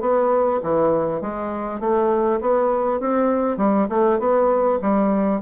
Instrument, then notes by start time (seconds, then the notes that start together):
bassoon
0.00 B3
0.62 E3
1.21 G#3
1.80 A3
2.40 B3
2.99 C4
3.57 G3
3.89 A3
4.19 B3
4.81 G3